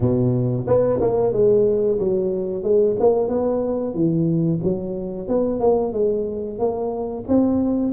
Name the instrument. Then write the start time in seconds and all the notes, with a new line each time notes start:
tuba
0.00 B2
0.67 B3
1.00 A#3
1.32 G#3
1.99 F#3
2.63 G#3
2.99 A#3
3.28 B3
3.94 E3
4.63 F#3
5.28 B3
5.60 A#3
5.92 G#3
6.58 A#3
7.28 C4